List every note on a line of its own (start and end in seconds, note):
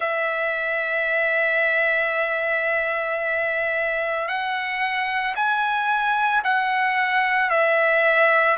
0.00 4.28 E5
4.28 5.35 F#5
5.35 6.42 G#5
6.44 7.50 F#5
7.50 8.57 E5